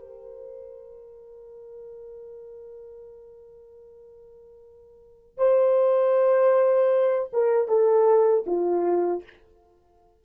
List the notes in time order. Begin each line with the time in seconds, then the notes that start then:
0.00 A#4
5.38 C5
7.33 A#4
7.69 A4
8.47 F4